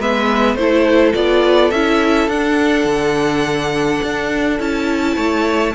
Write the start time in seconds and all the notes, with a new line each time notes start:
0.00 G#3 B3 B4 E5
0.55 A3 E4 A4 C5
1.14 B3 F4 D5
1.71 C#4 E4 E5
2.28 D4 F#5
2.85 D3
4.03 D4
4.59 C#4 E4 A5
5.16 A3 C#5